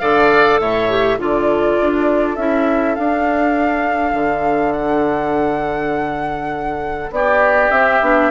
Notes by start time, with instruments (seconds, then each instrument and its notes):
0.00 bassoon D3, clarinet A4, oboe D5, flute F5
0.60 bassoon A2, oboe C#5, flute E5
0.90 clarinet G4
1.19 bassoon D3, clarinet F4, oboe A4, flute D5
1.82 bassoon D4
2.36 bassoon C#4, clarinet E4, flute E5
2.95 clarinet D4, bassoon D4, flute F5
4.13 bassoon D3
4.73 flute F#5
7.11 bassoon B3, oboe G4, flute D5
7.71 bassoon C4, clarinet C4, flute E5
8.01 bassoon B3, clarinet D4